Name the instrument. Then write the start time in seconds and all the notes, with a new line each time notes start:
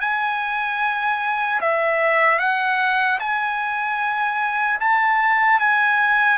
trumpet
0.00 G#5
1.60 E5
2.39 F#5
3.19 G#5
4.80 A5
5.59 G#5